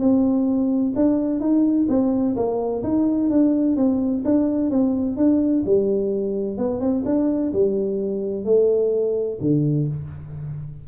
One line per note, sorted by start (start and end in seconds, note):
0.00 0.94 C4
0.96 1.40 D4
1.40 1.87 D#4
1.89 2.36 C4
2.36 2.83 A#3
2.84 3.30 D#4
3.30 3.77 D4
3.77 4.24 C4
4.25 4.71 D4
4.71 5.17 C4
5.17 5.64 D4
5.66 6.58 G3
6.58 6.81 B3
6.81 7.04 C4
7.06 7.53 D4
7.53 8.45 G3
8.45 9.39 A3
9.41 9.88 D3